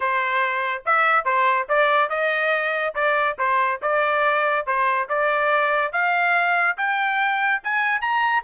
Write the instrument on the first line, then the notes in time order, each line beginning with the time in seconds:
trumpet
0.00 C5
0.85 E5
1.24 C5
1.68 D5
2.09 D#5
2.95 D5
3.38 C5
3.82 D5
4.66 C5
5.08 D5
5.92 F5
6.77 G5
7.63 G#5
8.01 A#5